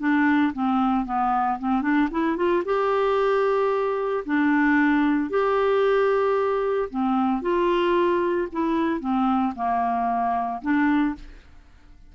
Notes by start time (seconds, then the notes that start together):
0.00 D4
0.54 C4
1.06 B3
1.60 C4
1.82 D4
2.12 E4
2.37 F4
2.65 G4
4.26 D4
5.30 G4
6.90 C4
7.42 F4
8.52 E4
9.01 C4
9.56 A#3
10.62 D4